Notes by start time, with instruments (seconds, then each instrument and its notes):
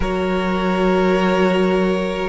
0.00 cello F#3, viola F#4, violin A#4 C#5